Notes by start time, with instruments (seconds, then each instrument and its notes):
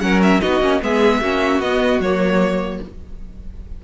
0.00 cello F#3, viola C#4, violin A#4 F#5
0.22 violin E5
0.41 cello B3, viola D#4, violin F#4 D#5
0.61 cello A#3, viola C#4
0.81 cello G#3, viola B3, violin G#4 E5
1.21 cello A#3, viola C#4, violin F#4
1.60 cello B3, viola B3, violin D#5
2.00 cello F#3, viola A#3, violin C#5